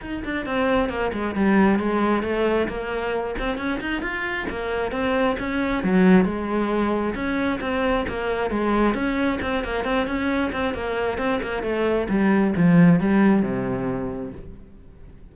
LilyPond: \new Staff \with { instrumentName = "cello" } { \time 4/4 \tempo 4 = 134 dis'8 d'8 c'4 ais8 gis8 g4 | gis4 a4 ais4. c'8 | cis'8 dis'8 f'4 ais4 c'4 | cis'4 fis4 gis2 |
cis'4 c'4 ais4 gis4 | cis'4 c'8 ais8 c'8 cis'4 c'8 | ais4 c'8 ais8 a4 g4 | f4 g4 c2 | }